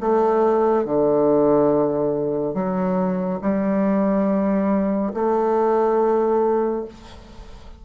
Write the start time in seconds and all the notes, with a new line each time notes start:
0.00 A3
0.85 D3
2.54 F#3
3.41 G3
5.14 A3